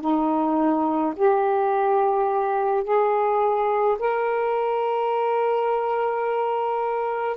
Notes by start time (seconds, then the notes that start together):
0.00 D#4
1.15 G4
2.84 G#4
3.98 A#4